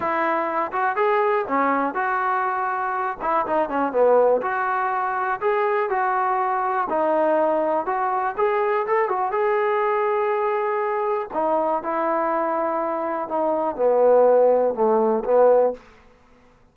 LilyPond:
\new Staff \with { instrumentName = "trombone" } { \time 4/4 \tempo 4 = 122 e'4. fis'8 gis'4 cis'4 | fis'2~ fis'8 e'8 dis'8 cis'8 | b4 fis'2 gis'4 | fis'2 dis'2 |
fis'4 gis'4 a'8 fis'8 gis'4~ | gis'2. dis'4 | e'2. dis'4 | b2 a4 b4 | }